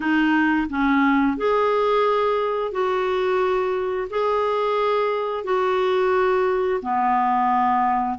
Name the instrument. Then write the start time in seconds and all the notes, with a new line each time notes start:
clarinet
0.00 D#4
0.69 C#4
1.37 G#4
2.71 F#4
4.09 G#4
5.44 F#4
6.82 B3